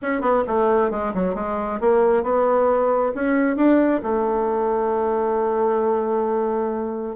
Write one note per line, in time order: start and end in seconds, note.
0.01 0.21 C#4
0.21 0.43 B3
0.47 0.91 A3
0.91 1.13 G#3
1.14 1.34 F#3
1.34 1.79 G#3
1.80 2.23 A#3
2.23 3.12 B3
3.14 3.56 C#4
3.56 4.01 D4
4.03 7.16 A3